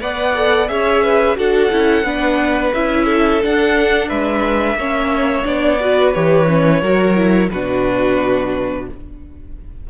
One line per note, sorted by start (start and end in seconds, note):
0.00 0.69 B3
0.00 0.34 B4
0.00 0.70 D5
0.00 0.68 F#5
0.35 0.67 A4
0.67 1.37 C#4
0.67 1.35 G#4
0.67 1.03 C#5
0.67 1.36 E5
1.03 1.37 B4
1.35 1.72 D4
1.35 1.69 F#4
1.35 2.06 A4
1.35 2.73 F#5
1.71 2.03 C#4
1.71 2.04 E4
2.03 2.71 B3
2.03 2.73 D4
2.03 3.05 B4
2.73 3.42 C#4
2.73 3.42 E4
2.73 3.41 E5
3.05 4.08 A4
3.42 4.78 D4
3.42 4.10 D4
3.42 4.09 F#5
4.09 4.74 G#3
4.09 4.77 B4
4.09 5.45 E5
4.74 5.42 A#3
4.74 5.44 C#4
4.74 5.81 C#5
5.44 6.15 B3
5.44 5.78 D4
5.44 6.13 D5
5.80 6.14 F#4
5.80 6.81 B4
6.13 6.82 E3
6.13 6.47 G4
6.13 7.49 C#5
6.47 6.81 C#4
6.81 7.50 F#3
6.81 7.16 F#4
6.81 7.49 A#4
7.16 7.50 E4
7.51 8.88 B2
7.51 8.90 D4
7.51 8.88 F#4
7.51 8.87 B4